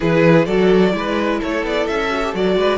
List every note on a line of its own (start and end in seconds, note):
0.00 0.47 E3
0.00 0.45 E4
0.00 0.46 G#4
0.00 0.45 B4
0.45 0.93 F#3
0.45 0.91 F#4
0.45 0.93 A4
0.45 1.39 D5
0.91 1.40 G#3
0.91 2.08 E4
0.91 1.39 B4
1.39 1.63 A3
1.39 2.57 A4
1.39 1.65 C#5
1.63 1.86 B3
1.63 1.87 D5
1.87 2.34 C#4
1.87 2.34 E5
2.09 2.21 F#4
2.23 2.34 G4
2.34 2.56 F#3
2.34 2.77 F#4
2.34 2.77 D5
2.56 2.77 G#3
2.56 2.77 B4